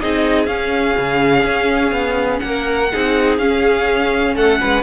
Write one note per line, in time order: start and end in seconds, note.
0.00 0.47 C4
0.00 0.47 D#4
0.00 2.42 G#4
0.00 0.45 D#5
0.45 2.89 C#4
0.45 0.95 C#4
0.45 2.39 F5
0.97 1.44 C#3
1.44 1.91 C#4
1.91 2.39 B3
2.39 2.91 A#3
2.39 3.36 F#5
2.46 2.92 A#4
2.92 3.38 C4
2.92 3.40 D#4
2.92 4.34 G#4
3.38 4.35 C#4
3.38 4.82 C#4
3.38 4.34 F5
4.34 4.60 A3
4.34 4.59 A4
4.34 4.82 F#5
4.60 4.82 G#3
4.60 4.82 B4